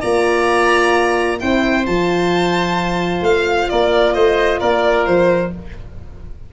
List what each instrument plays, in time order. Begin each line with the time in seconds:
0.00 tuba A#3, horn F4, oboe D5, violin A#5
1.39 tuba C4, horn E4, oboe C5, violin G5
1.86 tuba F3, horn F4, violin A5
3.21 tuba A3, violin F5
3.69 tuba A#3, oboe A#4, violin D5
4.13 tuba A3, oboe C5, violin D#5
4.59 tuba A#3, oboe A#4, violin D5
5.05 tuba F3, violin C5